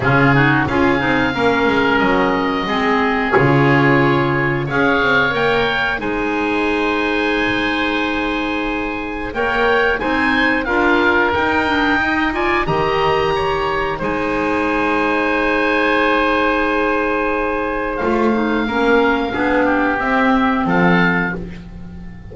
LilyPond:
<<
  \new Staff \with { instrumentName = "oboe" } { \time 4/4 \tempo 4 = 90 gis'4 f''2 dis''4~ | dis''4 cis''2 f''4 | g''4 gis''2.~ | gis''2 g''4 gis''4 |
f''4 g''4. gis''8 ais''4~ | ais''4 gis''2.~ | gis''2. f''4~ | f''2 e''4 f''4 | }
  \new Staff \with { instrumentName = "oboe" } { \time 4/4 f'8 fis'8 gis'4 ais'2 | gis'2. cis''4~ | cis''4 c''2.~ | c''2 cis''4 c''4 |
ais'2 dis''8 d''8 dis''4 | cis''4 c''2.~ | c''1 | ais'4 gis'8 g'4. a'4 | }
  \new Staff \with { instrumentName = "clarinet" } { \time 4/4 cis'8 dis'8 f'8 dis'8 cis'2 | c'4 f'2 gis'4 | ais'4 dis'2.~ | dis'2 ais'4 dis'4 |
f'4 dis'8 d'8 dis'8 f'8 g'4~ | g'4 dis'2.~ | dis'2. f'8 dis'8 | cis'4 d'4 c'2 | }
  \new Staff \with { instrumentName = "double bass" } { \time 4/4 cis4 cis'8 c'8 ais8 gis8 fis4 | gis4 cis2 cis'8 c'8 | ais4 gis2.~ | gis2 ais4 c'4 |
d'4 dis'2 dis4~ | dis4 gis2.~ | gis2. a4 | ais4 b4 c'4 f4 | }
>>